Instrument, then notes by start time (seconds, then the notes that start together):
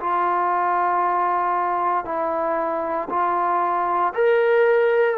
trombone
0.00 F4
2.05 E4
3.10 F4
4.15 A#4